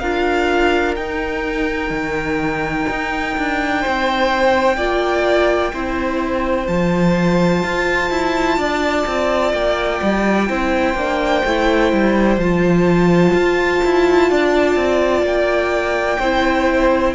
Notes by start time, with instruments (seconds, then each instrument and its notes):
0.00 cello D4, viola F4, violin A#4 F5
0.96 cello D#4, viola D#4, violin G5
1.91 cello D#3
2.90 cello D#4
3.38 cello D4
3.82 cello C4, violin C5
4.77 cello A#3, viola F4, violin D5
5.73 cello C4, viola E4, violin C5
6.67 cello F3, viola F4, violin A5
7.63 cello F4
8.11 cello E4
8.58 cello D4, violin D5
9.07 cello C4
9.53 cello A#3, violin G5
10.03 cello G3
10.49 cello C4, viola E4, violin C5
10.95 cello A#3, viola D4
11.45 cello A3, viola E4
11.93 cello G3
12.38 cello F3, viola F4, violin A5
13.34 cello F4
13.85 cello E4
14.31 cello D4, violin D5
14.76 cello C4
15.23 cello A#3, violin G5
16.20 cello C4, viola E4, violin C5